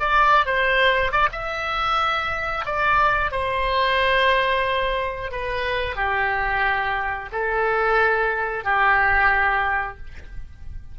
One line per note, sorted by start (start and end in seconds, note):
0.00 0.46 D5
0.46 1.12 C5
1.12 1.29 D5
1.32 2.65 E5
2.65 3.32 D5
3.32 5.32 C5
5.32 5.96 B4
5.96 7.29 G4
7.32 8.64 A4
8.64 9.98 G4